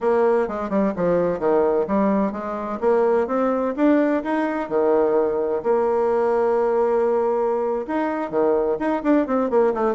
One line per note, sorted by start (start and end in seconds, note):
0.01 0.48 A#3
0.48 0.69 G#3
0.69 0.93 G3
0.95 1.39 F3
1.39 1.86 D#3
1.87 2.32 G3
2.32 2.79 G#3
2.80 3.27 A#3
3.27 3.74 C4
3.76 4.23 D4
4.23 4.69 D#4
4.69 5.62 D#3
5.63 7.86 A#3
7.87 8.30 D#4
8.30 8.77 D#3
8.79 9.02 D#4
9.03 9.26 D4
9.26 9.50 C4
9.50 9.73 A#3
9.74 9.94 A3